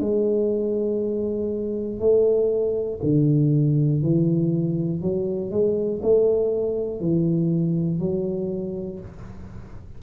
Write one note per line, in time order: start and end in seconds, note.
0.00 2.00 G#3
2.00 3.00 A3
3.03 4.02 D3
4.02 5.01 E3
5.01 5.50 F#3
5.50 6.00 G#3
6.02 7.00 A3
7.00 8.00 E3
8.00 9.00 F#3